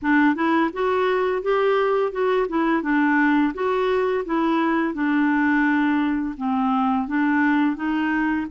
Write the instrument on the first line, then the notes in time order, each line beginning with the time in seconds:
clarinet
0.02 D4
0.35 E4
0.73 F#4
1.42 G4
2.12 F#4
2.48 E4
2.82 D4
3.54 F#4
4.25 E4
4.94 D4
6.37 C4
7.07 D4
7.76 D#4